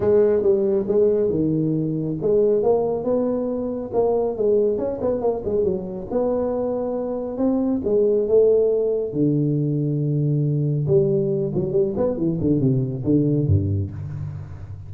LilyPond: \new Staff \with { instrumentName = "tuba" } { \time 4/4 \tempo 4 = 138 gis4 g4 gis4 dis4~ | dis4 gis4 ais4 b4~ | b4 ais4 gis4 cis'8 b8 | ais8 gis8 fis4 b2~ |
b4 c'4 gis4 a4~ | a4 d2.~ | d4 g4. fis8 g8 b8 | e8 d8 c4 d4 g,4 | }